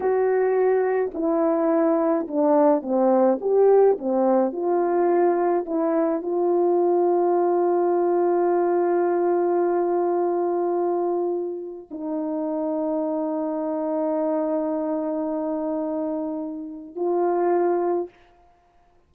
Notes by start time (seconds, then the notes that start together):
0.00 F#4
1.13 E4
2.27 D4
2.81 C4
3.40 G4
3.98 C4
4.52 F4
5.65 E4
6.22 F4
11.90 D#4
16.95 F4